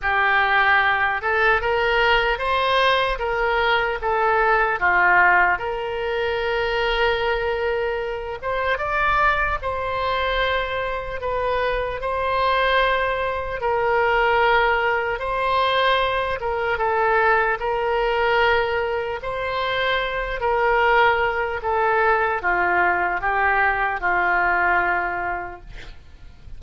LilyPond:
\new Staff \with { instrumentName = "oboe" } { \time 4/4 \tempo 4 = 75 g'4. a'8 ais'4 c''4 | ais'4 a'4 f'4 ais'4~ | ais'2~ ais'8 c''8 d''4 | c''2 b'4 c''4~ |
c''4 ais'2 c''4~ | c''8 ais'8 a'4 ais'2 | c''4. ais'4. a'4 | f'4 g'4 f'2 | }